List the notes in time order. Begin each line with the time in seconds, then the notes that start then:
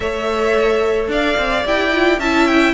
0.00 A3 A4 C#5 E5
1.08 D4 D5 F5
1.37 C4
1.64 E4 G4 G5
1.92 F4
2.18 C#4 E4 E5 A5
2.47 G5